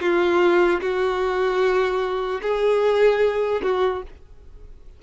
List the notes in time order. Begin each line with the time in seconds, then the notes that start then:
0.00 F4
0.81 F#4
2.41 G#4
3.63 F#4